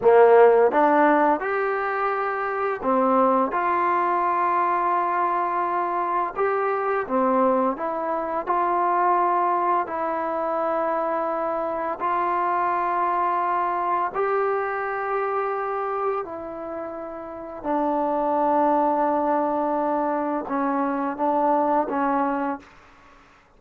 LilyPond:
\new Staff \with { instrumentName = "trombone" } { \time 4/4 \tempo 4 = 85 ais4 d'4 g'2 | c'4 f'2.~ | f'4 g'4 c'4 e'4 | f'2 e'2~ |
e'4 f'2. | g'2. e'4~ | e'4 d'2.~ | d'4 cis'4 d'4 cis'4 | }